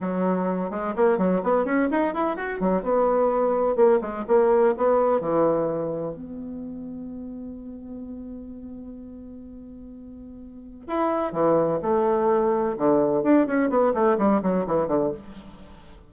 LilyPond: \new Staff \with { instrumentName = "bassoon" } { \time 4/4 \tempo 4 = 127 fis4. gis8 ais8 fis8 b8 cis'8 | dis'8 e'8 fis'8 fis8 b2 | ais8 gis8 ais4 b4 e4~ | e4 b2.~ |
b1~ | b2. e'4 | e4 a2 d4 | d'8 cis'8 b8 a8 g8 fis8 e8 d8 | }